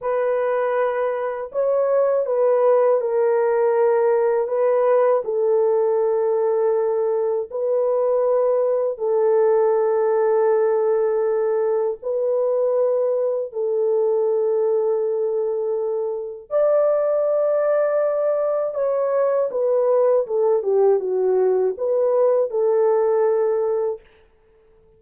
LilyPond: \new Staff \with { instrumentName = "horn" } { \time 4/4 \tempo 4 = 80 b'2 cis''4 b'4 | ais'2 b'4 a'4~ | a'2 b'2 | a'1 |
b'2 a'2~ | a'2 d''2~ | d''4 cis''4 b'4 a'8 g'8 | fis'4 b'4 a'2 | }